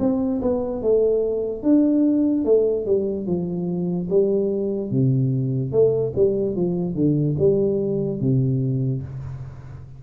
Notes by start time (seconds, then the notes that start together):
0.00 C4
0.42 B3
0.82 A3
1.63 D4
2.45 A3
2.86 G3
3.27 F3
4.09 G3
4.91 C3
5.72 A3
6.16 G3
6.56 F3
6.95 D3
7.39 G3
8.20 C3